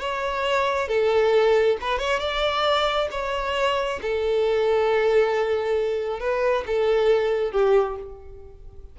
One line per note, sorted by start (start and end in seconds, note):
0.00 0.88 C#5
0.88 1.77 A4
1.81 1.99 B4
1.99 2.20 C#5
2.20 3.08 D5
3.11 4.00 C#5
4.02 6.20 A4
6.20 6.64 B4
6.67 7.52 A4
7.52 7.97 G4